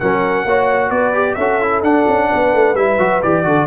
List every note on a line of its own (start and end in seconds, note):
0.00 0.45 F#3
0.00 0.47 C#4
0.00 0.47 A#4
0.00 0.91 F#5
0.45 0.91 A#3
0.45 1.14 F#4
0.45 0.90 C#5
0.90 1.37 B3
0.90 1.36 B4
0.90 1.35 D5
1.14 1.37 G4
1.35 1.83 C#4
1.35 1.62 F#4
1.35 2.30 A4
1.35 1.81 E5
1.62 1.84 E4
1.83 2.06 D4
1.83 2.76 D4
1.83 2.76 F#5
2.08 2.31 C#4
2.32 2.54 B3
2.32 3.47 B4
2.54 2.75 A3
2.75 2.98 G3
2.75 2.99 E4
2.75 3.22 E5
2.99 3.22 F#3
2.99 3.22 F#4
3.23 3.45 E3
3.23 3.44 G4
3.23 3.67 D5
3.44 3.67 D3
3.44 3.67 F#4
3.44 3.67 A4